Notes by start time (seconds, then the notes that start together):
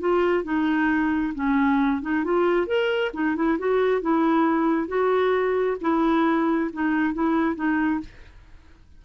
0.00 F4
0.44 D#4
1.35 C#4
2.02 D#4
2.24 F4
2.67 A#4
3.14 D#4
3.36 E4
3.59 F#4
4.02 E4
4.88 F#4
5.81 E4
6.73 D#4
7.14 E4
7.56 D#4